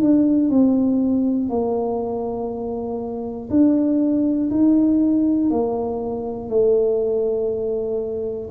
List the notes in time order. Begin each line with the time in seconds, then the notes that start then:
0.00 D4
0.50 C4
1.49 A#3
3.50 D4
4.50 D#4
5.50 A#3
6.49 A3